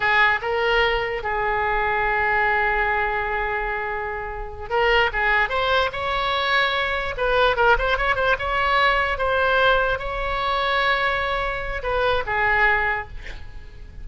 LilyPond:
\new Staff \with { instrumentName = "oboe" } { \time 4/4 \tempo 4 = 147 gis'4 ais'2 gis'4~ | gis'1~ | gis'2.~ gis'8 ais'8~ | ais'8 gis'4 c''4 cis''4.~ |
cis''4. b'4 ais'8 c''8 cis''8 | c''8 cis''2 c''4.~ | c''8 cis''2.~ cis''8~ | cis''4 b'4 gis'2 | }